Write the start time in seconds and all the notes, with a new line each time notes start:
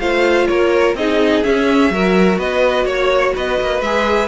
0.00 A3 F4 C5 F5
0.48 A#3 A#4 C#5
0.95 C4 D#4 G#4 D#5
1.44 C#4 E5
1.90 F#3 F#4 A#4
2.38 B3 B4 D#5
2.86 A#3 C#5
3.36 B3 B4 D#5
3.61 A#3
3.81 G#3 G#4 E5